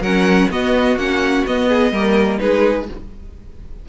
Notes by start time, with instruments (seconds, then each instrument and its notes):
0.00 cello F#3, viola C#4, violin A#4 F#5
0.50 viola B3, cello B3, violin F#4 D#5
0.96 cello A#3, viola C#4, violin F#5
1.47 cello B3, viola B3, violin D#5
1.69 violin G#4
1.92 cello G3, viola A#3, violin A#4
2.39 cello G#3, viola D#4, violin G#4 B4